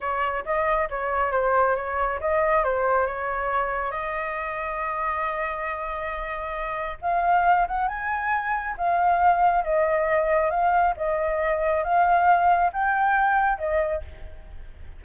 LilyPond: \new Staff \with { instrumentName = "flute" } { \time 4/4 \tempo 4 = 137 cis''4 dis''4 cis''4 c''4 | cis''4 dis''4 c''4 cis''4~ | cis''4 dis''2.~ | dis''1 |
f''4. fis''8 gis''2 | f''2 dis''2 | f''4 dis''2 f''4~ | f''4 g''2 dis''4 | }